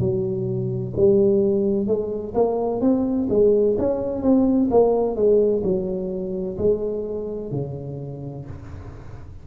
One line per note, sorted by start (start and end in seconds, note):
0.00 0.94 F#3
0.97 1.87 G3
1.87 2.34 G#3
2.34 2.81 A#3
2.82 3.29 C4
3.30 3.77 G#3
3.79 4.23 C#4
4.23 4.70 C4
4.71 5.16 A#3
5.16 5.63 G#3
5.64 6.58 F#3
6.58 7.52 G#3
7.52 8.46 C#3